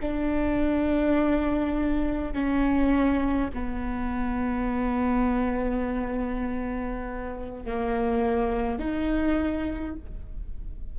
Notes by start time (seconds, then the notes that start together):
0.00 D4
2.33 C#4
3.53 B3
7.65 A#3
8.78 D#4